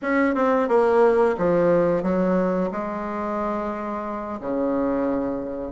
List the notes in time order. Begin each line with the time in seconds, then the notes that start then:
0.02 C#4
0.35 C4
0.68 A#3
1.38 F3
2.02 F#3
2.71 G#3
4.40 C#3